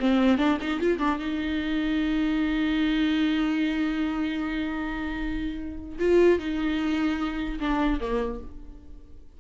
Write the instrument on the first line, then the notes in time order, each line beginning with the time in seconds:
viola
0.00 C4
0.38 D4
0.61 D#4
0.80 F4
0.99 D4
1.19 D#4
5.99 F4
6.39 D#4
7.60 D4
8.00 A#3